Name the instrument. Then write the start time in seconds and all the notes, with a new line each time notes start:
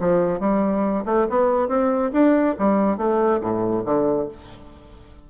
bassoon
0.00 F3
0.40 G3
1.05 A3
1.30 B3
1.69 C4
2.13 D4
2.59 G3
2.97 A3
3.41 A2
3.85 D3